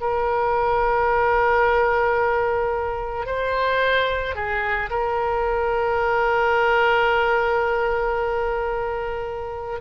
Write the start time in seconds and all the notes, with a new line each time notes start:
0.00 A#4
3.26 C5
4.35 G#4
4.89 A#4